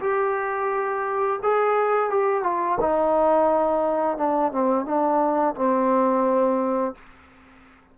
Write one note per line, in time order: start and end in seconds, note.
0.00 1.40 G4
1.43 2.10 G#4
2.10 2.44 G4
2.44 2.78 F4
2.80 4.17 D#4
4.17 4.52 D4
4.52 4.85 C4
4.85 5.55 D4
5.55 6.95 C4